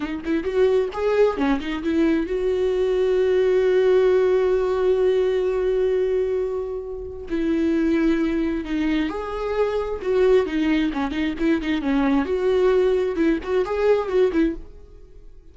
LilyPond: \new Staff \with { instrumentName = "viola" } { \time 4/4 \tempo 4 = 132 dis'8 e'8 fis'4 gis'4 cis'8 dis'8 | e'4 fis'2.~ | fis'1~ | fis'1 |
e'2. dis'4 | gis'2 fis'4 dis'4 | cis'8 dis'8 e'8 dis'8 cis'4 fis'4~ | fis'4 e'8 fis'8 gis'4 fis'8 e'8 | }